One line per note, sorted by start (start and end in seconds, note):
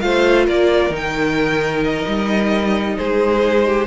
0.00 0.47 A3
0.00 0.91 F4
0.00 0.46 C5
0.00 0.45 F5
0.46 0.90 A#3
0.46 2.96 A#4
0.46 0.94 D5
0.90 2.03 D#3
0.90 3.86 D#4
0.96 1.84 G5
1.84 2.98 D#5
2.07 2.98 G3
2.98 3.87 G#3
2.98 3.66 G#4
2.98 3.87 C5
3.67 3.87 G4